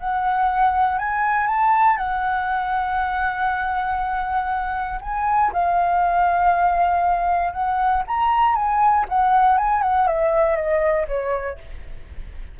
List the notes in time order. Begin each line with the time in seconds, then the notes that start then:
0.00 F#5
0.99 G#5
1.47 A5
1.97 F#5
5.01 G#5
5.53 F5
7.53 F#5
8.07 A#5
8.55 G#5
9.09 F#5
9.58 G#5
9.82 F#5
10.07 E5
10.56 D#5
11.08 C#5